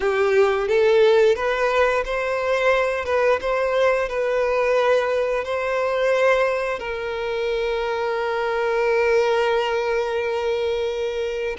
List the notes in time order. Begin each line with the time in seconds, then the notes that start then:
0.00 G4
0.68 A4
1.35 B4
2.05 C5
3.05 B4
3.41 C5
4.08 B4
5.44 C5
6.79 A#4